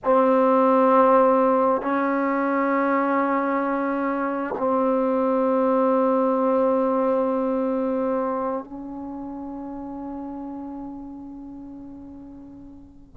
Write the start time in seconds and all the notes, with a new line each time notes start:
0.03 C4
1.81 C#4
4.58 C4
8.64 C#4